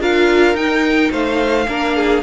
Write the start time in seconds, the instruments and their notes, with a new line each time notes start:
0.00 cello D4, viola F4, violin A#4 F5
0.54 cello D#4, viola D#4, violin G5
1.12 cello A3, violin C5 F5
1.68 cello A#3, viola D4, violin A#4
1.97 violin G#4